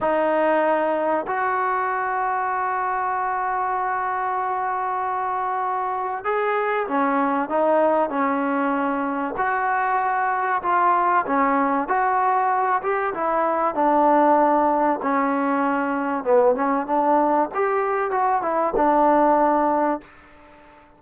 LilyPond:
\new Staff \with { instrumentName = "trombone" } { \time 4/4 \tempo 4 = 96 dis'2 fis'2~ | fis'1~ | fis'2 gis'4 cis'4 | dis'4 cis'2 fis'4~ |
fis'4 f'4 cis'4 fis'4~ | fis'8 g'8 e'4 d'2 | cis'2 b8 cis'8 d'4 | g'4 fis'8 e'8 d'2 | }